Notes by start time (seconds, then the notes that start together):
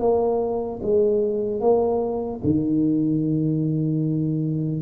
0.00 A#3
0.82 G#3
1.60 A#3
2.43 D#3